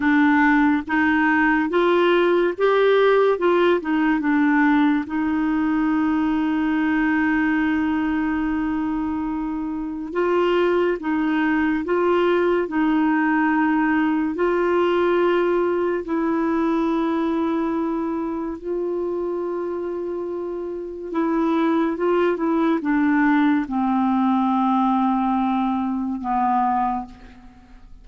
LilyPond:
\new Staff \with { instrumentName = "clarinet" } { \time 4/4 \tempo 4 = 71 d'4 dis'4 f'4 g'4 | f'8 dis'8 d'4 dis'2~ | dis'1 | f'4 dis'4 f'4 dis'4~ |
dis'4 f'2 e'4~ | e'2 f'2~ | f'4 e'4 f'8 e'8 d'4 | c'2. b4 | }